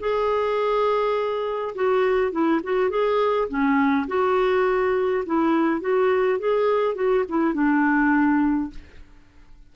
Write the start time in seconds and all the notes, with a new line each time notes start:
0.00 G#4
1.76 F#4
2.32 E4
2.64 F#4
2.90 G#4
3.49 C#4
4.08 F#4
5.26 E4
5.81 F#4
6.39 G#4
6.95 F#4
7.29 E4
7.54 D4